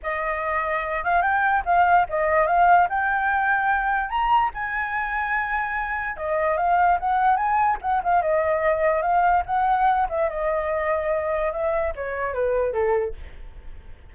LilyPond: \new Staff \with { instrumentName = "flute" } { \time 4/4 \tempo 4 = 146 dis''2~ dis''8 f''8 g''4 | f''4 dis''4 f''4 g''4~ | g''2 ais''4 gis''4~ | gis''2. dis''4 |
f''4 fis''4 gis''4 fis''8 f''8 | dis''2 f''4 fis''4~ | fis''8 e''8 dis''2. | e''4 cis''4 b'4 a'4 | }